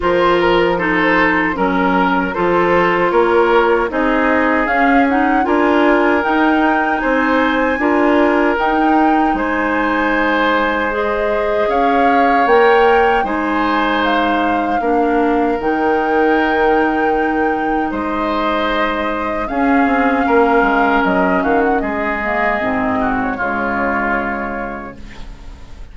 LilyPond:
<<
  \new Staff \with { instrumentName = "flute" } { \time 4/4 \tempo 4 = 77 c''8 ais'8 c''4 ais'4 c''4 | cis''4 dis''4 f''8 fis''8 gis''4 | g''4 gis''2 g''4 | gis''2 dis''4 f''4 |
g''4 gis''4 f''2 | g''2. dis''4~ | dis''4 f''2 dis''8 f''16 fis''16 | dis''4.~ dis''16 cis''2~ cis''16 | }
  \new Staff \with { instrumentName = "oboe" } { \time 4/4 ais'4 a'4 ais'4 a'4 | ais'4 gis'2 ais'4~ | ais'4 c''4 ais'2 | c''2. cis''4~ |
cis''4 c''2 ais'4~ | ais'2. c''4~ | c''4 gis'4 ais'4. fis'8 | gis'4. fis'8 f'2 | }
  \new Staff \with { instrumentName = "clarinet" } { \time 4/4 f'4 dis'4 cis'4 f'4~ | f'4 dis'4 cis'8 dis'8 f'4 | dis'2 f'4 dis'4~ | dis'2 gis'2 |
ais'4 dis'2 d'4 | dis'1~ | dis'4 cis'2.~ | cis'8 ais8 c'4 gis2 | }
  \new Staff \with { instrumentName = "bassoon" } { \time 4/4 f2 fis4 f4 | ais4 c'4 cis'4 d'4 | dis'4 c'4 d'4 dis'4 | gis2. cis'4 |
ais4 gis2 ais4 | dis2. gis4~ | gis4 cis'8 c'8 ais8 gis8 fis8 dis8 | gis4 gis,4 cis2 | }
>>